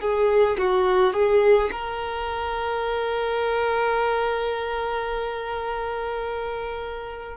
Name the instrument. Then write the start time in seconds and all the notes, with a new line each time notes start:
violin
0.00 G#4
0.58 F#4
1.13 G#4
1.71 A#4